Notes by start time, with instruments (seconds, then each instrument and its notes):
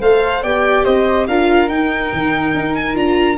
0.00 tuba A3, viola A4, flute C5, violin F5
0.42 tuba B3, viola G4, flute D5, violin G5
0.84 tuba C4, flute C5, violin D#5
1.27 tuba D4, viola F4, flute A#4, violin F5
1.68 tuba D#4, viola D#4, violin G5
2.12 tuba D#3
2.54 tuba D#4
2.75 violin G#5
2.93 tuba D4, viola F4, violin A#5